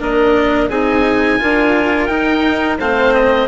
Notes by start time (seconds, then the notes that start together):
0.00 A#3 D4 A#4 D#5
0.69 C4 D#4 G#4 G#5
1.40 D4 F4 A#4
2.07 D#4 G5
2.79 A3 C4 C5 F5
3.14 D#5